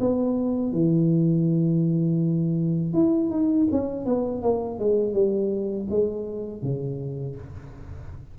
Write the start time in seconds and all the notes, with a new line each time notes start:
0.00 B3
0.72 E3
2.93 E4
3.30 D#4
3.71 C#4
4.05 B3
4.42 A#3
4.79 G#3
5.13 G3
5.90 G#3
6.62 C#3